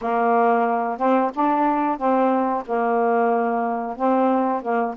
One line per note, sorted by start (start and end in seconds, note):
0.01 0.98 A#3
0.98 1.31 C4
1.34 1.97 D4
1.97 2.63 C4
2.66 3.96 A#3
3.96 4.62 C4
4.62 4.95 A#3